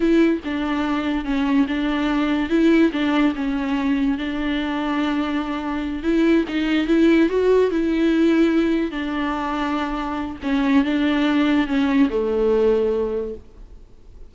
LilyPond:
\new Staff \with { instrumentName = "viola" } { \time 4/4 \tempo 4 = 144 e'4 d'2 cis'4 | d'2 e'4 d'4 | cis'2 d'2~ | d'2~ d'8 e'4 dis'8~ |
dis'8 e'4 fis'4 e'4.~ | e'4. d'2~ d'8~ | d'4 cis'4 d'2 | cis'4 a2. | }